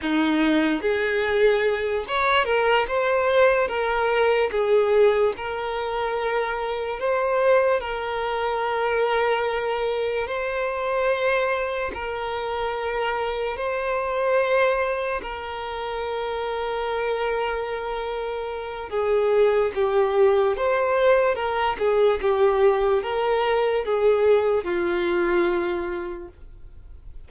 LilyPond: \new Staff \with { instrumentName = "violin" } { \time 4/4 \tempo 4 = 73 dis'4 gis'4. cis''8 ais'8 c''8~ | c''8 ais'4 gis'4 ais'4.~ | ais'8 c''4 ais'2~ ais'8~ | ais'8 c''2 ais'4.~ |
ais'8 c''2 ais'4.~ | ais'2. gis'4 | g'4 c''4 ais'8 gis'8 g'4 | ais'4 gis'4 f'2 | }